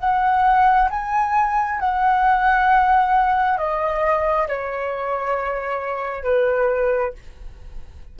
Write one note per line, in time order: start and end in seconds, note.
0.00 0.90 F#5
0.91 1.80 G#5
1.80 3.59 F#5
3.59 4.48 D#5
4.49 6.24 C#5
6.24 7.13 B4